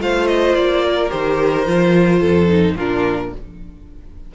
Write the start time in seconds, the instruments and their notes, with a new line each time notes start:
0.00 cello A3, viola F4, violin C5 F5
0.27 violin D#5
0.55 cello A#3, violin D5
0.85 violin A#4
1.09 cello D#3, viola G4, violin C5
1.67 cello F3, viola F4
2.20 cello F2, violin A4
2.49 viola D#4
2.76 cello A#2, viola D4, violin F4 A#4